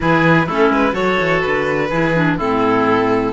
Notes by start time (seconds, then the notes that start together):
0.00 E3 E4 G#4 B4
0.46 A3 C#4 E4 A4
0.69 G#3 B4
0.92 F#3 F#4 A4 C#5
1.20 E3
1.40 D3 B4
1.90 E3 E4 G#4
2.14 D4
2.37 A2 C4 E4 A4